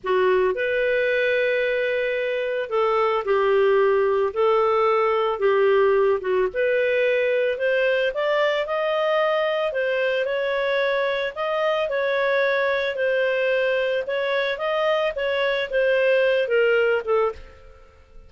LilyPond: \new Staff \with { instrumentName = "clarinet" } { \time 4/4 \tempo 4 = 111 fis'4 b'2.~ | b'4 a'4 g'2 | a'2 g'4. fis'8 | b'2 c''4 d''4 |
dis''2 c''4 cis''4~ | cis''4 dis''4 cis''2 | c''2 cis''4 dis''4 | cis''4 c''4. ais'4 a'8 | }